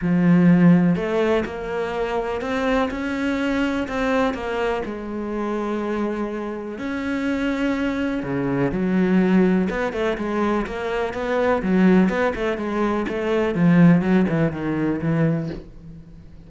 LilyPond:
\new Staff \with { instrumentName = "cello" } { \time 4/4 \tempo 4 = 124 f2 a4 ais4~ | ais4 c'4 cis'2 | c'4 ais4 gis2~ | gis2 cis'2~ |
cis'4 cis4 fis2 | b8 a8 gis4 ais4 b4 | fis4 b8 a8 gis4 a4 | f4 fis8 e8 dis4 e4 | }